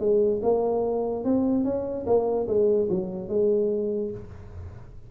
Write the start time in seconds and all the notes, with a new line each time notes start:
0.00 G#3
0.43 A#3
1.25 C4
1.65 C#4
2.07 A#3
2.48 G#3
2.90 F#3
3.29 G#3